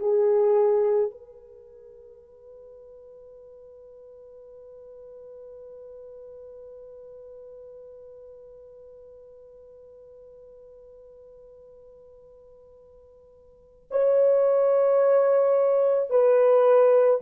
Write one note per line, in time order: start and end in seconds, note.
0.00 1.11 G#4
1.11 13.89 B4
13.91 16.10 C#5
16.10 17.21 B4